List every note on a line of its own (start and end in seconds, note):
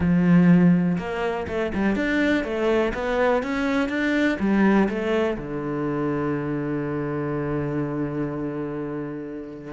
0.00 0.97 F3
0.98 1.46 A#3
1.47 1.72 A3
1.74 1.95 G3
1.95 2.43 D4
2.43 2.92 A3
2.94 3.42 B3
3.42 3.88 C#4
3.88 4.37 D4
4.39 4.88 G3
4.88 5.37 A3
5.37 9.73 D3